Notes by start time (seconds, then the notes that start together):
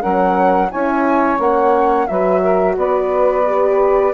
0.00 F#3 C#4 A#4 F#5
0.70 C#4 E4 C#5 G#5
1.38 A#3 C#4 F#5
2.06 F#3 F#4 B4 E5
2.40 A#4
2.77 B3 B4 D5
3.45 G4